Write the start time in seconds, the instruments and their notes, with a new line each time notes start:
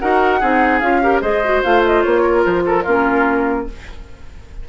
0.00 bassoon D#4, clarinet F#4, oboe A#4, flute F#5
0.40 bassoon C4, clarinet D#4, oboe G#4
0.80 bassoon C#4, clarinet F4, flute F5
1.03 clarinet G4, oboe A#4
1.22 bassoon G#3, clarinet G#4, oboe C5, flute D#5
1.45 clarinet F#4
1.64 bassoon A3, clarinet F4, flute F5
1.86 flute D#5
2.03 bassoon A#3, flute C#5
2.23 oboe A#4
2.45 bassoon F3, flute C5
2.66 oboe A4, flute A#4
2.84 bassoon A#3, clarinet C#4, oboe F4